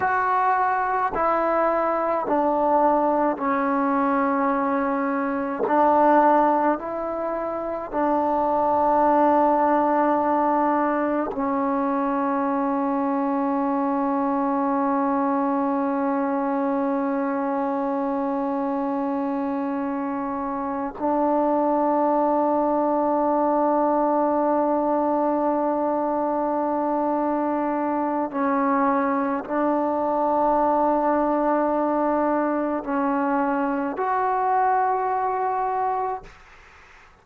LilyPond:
\new Staff \with { instrumentName = "trombone" } { \time 4/4 \tempo 4 = 53 fis'4 e'4 d'4 cis'4~ | cis'4 d'4 e'4 d'4~ | d'2 cis'2~ | cis'1~ |
cis'2~ cis'8 d'4.~ | d'1~ | d'4 cis'4 d'2~ | d'4 cis'4 fis'2 | }